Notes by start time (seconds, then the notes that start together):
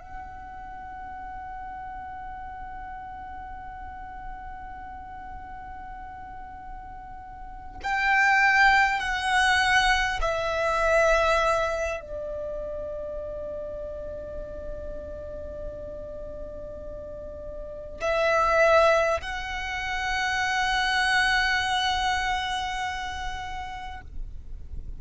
0.00 F#5
7.83 G5
9.00 F#5
10.21 E5
12.01 D5
18.01 E5
19.21 F#5